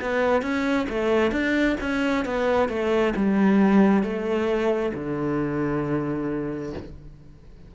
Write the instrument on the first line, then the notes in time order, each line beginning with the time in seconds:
cello
0.00 B3
0.42 C#4
0.89 A3
1.31 D4
1.80 C#4
2.25 B3
2.68 A3
3.15 G3
4.03 A3
4.94 D3